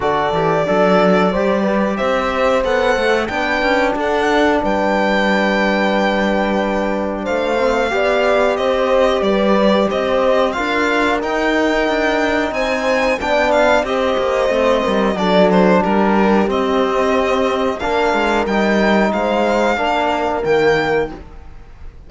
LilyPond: <<
  \new Staff \with { instrumentName = "violin" } { \time 4/4 \tempo 4 = 91 d''2. e''4 | fis''4 g''4 fis''4 g''4~ | g''2. f''4~ | f''4 dis''4 d''4 dis''4 |
f''4 g''2 gis''4 | g''8 f''8 dis''2 d''8 c''8 | ais'4 dis''2 f''4 | g''4 f''2 g''4 | }
  \new Staff \with { instrumentName = "horn" } { \time 4/4 a'4 d'4 c''8 b'8 c''4~ | c''4 b'4 a'4 b'4~ | b'2. c''4 | d''4 c''4 b'4 c''4 |
ais'2. c''4 | d''4 c''4. ais'8 a'4 | g'2. ais'4~ | ais'4 c''4 ais'2 | }
  \new Staff \with { instrumentName = "trombone" } { \time 4/4 fis'8 g'8 a'4 g'2 | a'4 d'2.~ | d'2.~ d'8 c'8 | g'1 |
f'4 dis'2. | d'4 g'4 c'4 d'4~ | d'4 c'2 d'4 | dis'2 d'4 ais4 | }
  \new Staff \with { instrumentName = "cello" } { \time 4/4 d8 e8 fis4 g4 c'4 | b8 a8 b8 cis'8 d'4 g4~ | g2. a4 | b4 c'4 g4 c'4 |
d'4 dis'4 d'4 c'4 | b4 c'8 ais8 a8 g8 fis4 | g4 c'2 ais8 gis8 | g4 gis4 ais4 dis4 | }
>>